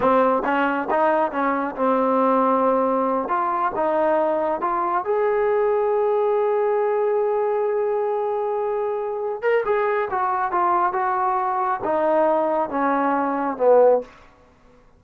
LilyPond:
\new Staff \with { instrumentName = "trombone" } { \time 4/4 \tempo 4 = 137 c'4 cis'4 dis'4 cis'4 | c'2.~ c'8 f'8~ | f'8 dis'2 f'4 gis'8~ | gis'1~ |
gis'1~ | gis'4. ais'8 gis'4 fis'4 | f'4 fis'2 dis'4~ | dis'4 cis'2 b4 | }